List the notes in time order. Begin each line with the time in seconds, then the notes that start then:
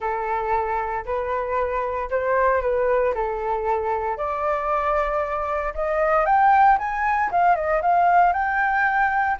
0.00 A4
1.05 B4
2.10 C5
2.61 B4
3.14 A4
4.17 D5
5.74 D#5
6.25 G5
6.78 G#5
7.31 F5
7.55 D#5
7.81 F5
8.32 G5